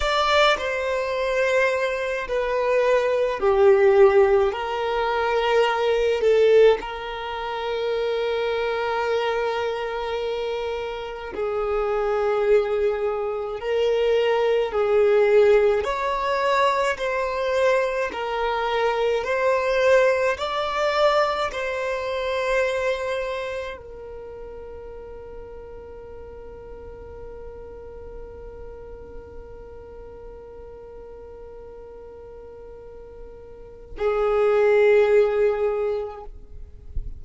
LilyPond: \new Staff \with { instrumentName = "violin" } { \time 4/4 \tempo 4 = 53 d''8 c''4. b'4 g'4 | ais'4. a'8 ais'2~ | ais'2 gis'2 | ais'4 gis'4 cis''4 c''4 |
ais'4 c''4 d''4 c''4~ | c''4 ais'2.~ | ais'1~ | ais'2 gis'2 | }